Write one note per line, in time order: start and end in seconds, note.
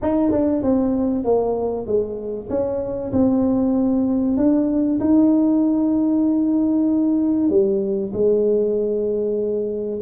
0.02 0.31 D#4
0.31 0.62 D4
0.62 1.24 C4
1.24 1.86 A#3
1.86 2.49 G#3
2.49 3.12 C#4
3.12 4.37 C4
4.37 4.99 D4
4.99 7.49 D#4
7.49 8.12 G3
8.12 10.00 G#3